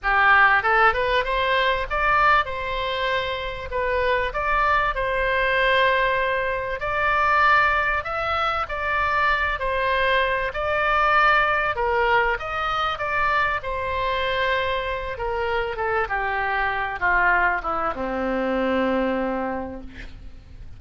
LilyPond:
\new Staff \with { instrumentName = "oboe" } { \time 4/4 \tempo 4 = 97 g'4 a'8 b'8 c''4 d''4 | c''2 b'4 d''4 | c''2. d''4~ | d''4 e''4 d''4. c''8~ |
c''4 d''2 ais'4 | dis''4 d''4 c''2~ | c''8 ais'4 a'8 g'4. f'8~ | f'8 e'8 c'2. | }